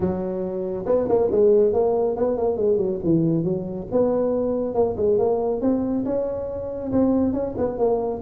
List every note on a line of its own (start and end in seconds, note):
0.00 0.85 F#3
0.85 1.07 B3
1.08 1.30 A#3
1.31 1.73 G#3
1.73 2.16 A#3
2.16 2.37 B3
2.37 2.56 A#3
2.56 2.77 G#3
2.77 2.98 F#3
3.04 3.44 E3
3.44 3.87 F#3
3.91 4.74 B3
4.74 4.95 A#3
4.96 5.18 G#3
5.18 5.61 A#3
5.61 6.04 C4
6.05 6.91 C#4
6.91 7.33 C4
7.33 7.54 C#4
7.57 7.78 B3
7.78 8.21 A#3